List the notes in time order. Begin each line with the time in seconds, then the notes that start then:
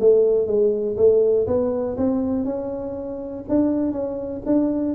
0.00 A3
0.47 G#3
0.97 A3
1.47 B3
1.97 C4
2.45 C#4
3.49 D4
3.92 C#4
4.46 D4